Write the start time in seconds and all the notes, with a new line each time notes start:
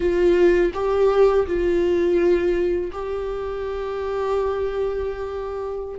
0.00 F4
0.74 G4
1.46 F4
2.91 G4